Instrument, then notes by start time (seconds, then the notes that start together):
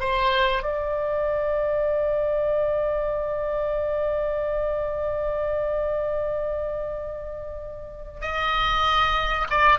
oboe
0.00 C5
0.63 D5
8.21 D#5
9.50 D5